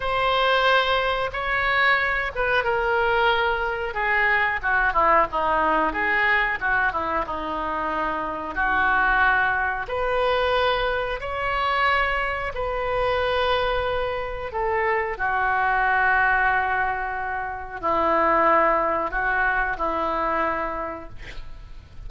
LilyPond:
\new Staff \with { instrumentName = "oboe" } { \time 4/4 \tempo 4 = 91 c''2 cis''4. b'8 | ais'2 gis'4 fis'8 e'8 | dis'4 gis'4 fis'8 e'8 dis'4~ | dis'4 fis'2 b'4~ |
b'4 cis''2 b'4~ | b'2 a'4 fis'4~ | fis'2. e'4~ | e'4 fis'4 e'2 | }